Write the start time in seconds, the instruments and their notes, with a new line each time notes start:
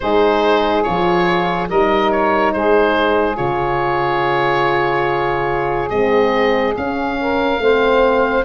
0.00 tuba G#3, horn D#4, saxophone G#4, oboe C5
0.83 tuba F3, horn F4, oboe C#5
1.69 tuba G3, horn D#4, saxophone A#4, oboe D#5
2.11 oboe C#5
2.52 tuba G#3, saxophone G#4, oboe C5
3.35 tuba C#3, horn F4, oboe C#5
5.89 tuba G#3, horn C4, oboe D#5
6.76 horn C#4, tuba C#4, oboe F5
7.20 saxophone A#4
7.58 tuba A3, horn C4, saxophone C5